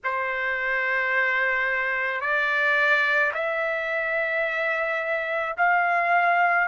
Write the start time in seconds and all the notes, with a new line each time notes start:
0.04 C5
2.20 D5
3.33 E5
5.57 F5